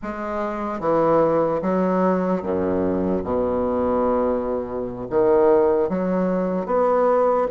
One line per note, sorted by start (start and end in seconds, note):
0.02 0.80 G#3
0.80 1.61 E3
1.62 2.42 F#3
2.42 3.23 F#2
3.24 5.06 B2
5.10 5.89 D#3
5.89 6.66 F#3
6.66 7.47 B3